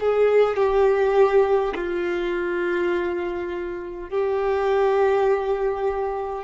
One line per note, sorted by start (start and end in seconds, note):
0.00 0.56 G#4
0.56 1.74 G4
1.75 4.09 F4
4.09 6.44 G4